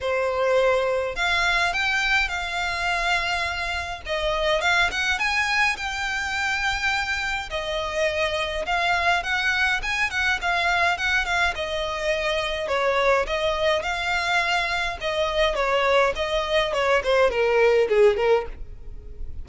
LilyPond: \new Staff \with { instrumentName = "violin" } { \time 4/4 \tempo 4 = 104 c''2 f''4 g''4 | f''2. dis''4 | f''8 fis''8 gis''4 g''2~ | g''4 dis''2 f''4 |
fis''4 gis''8 fis''8 f''4 fis''8 f''8 | dis''2 cis''4 dis''4 | f''2 dis''4 cis''4 | dis''4 cis''8 c''8 ais'4 gis'8 ais'8 | }